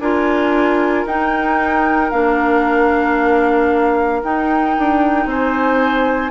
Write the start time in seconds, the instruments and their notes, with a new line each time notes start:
0.00 bassoon D4, clarinet F4, oboe A#4, flute G#5
1.06 bassoon D#4, clarinet D#4, flute G5
2.11 bassoon A#3, clarinet D4, flute F5
4.24 clarinet D#4, bassoon D#4, flute G5
4.79 bassoon D4
5.26 bassoon C4, oboe C5, flute G#5